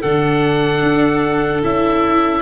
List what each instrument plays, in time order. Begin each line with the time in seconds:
0.00 tuba D3, viola D4, clarinet A4, oboe F#5
0.83 tuba D4
1.63 tuba C#4, viola E4, oboe E5